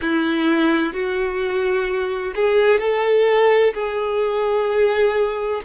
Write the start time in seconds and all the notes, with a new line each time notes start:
0.01 E4
0.93 F#4
2.35 G#4
2.79 A4
3.74 G#4